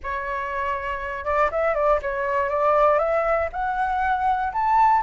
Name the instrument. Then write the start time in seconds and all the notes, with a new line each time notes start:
flute
0.03 C#5
1.25 D5
1.51 E5
1.74 D5
2.01 C#5
2.49 D5
2.99 E5
3.52 F#5
4.52 A5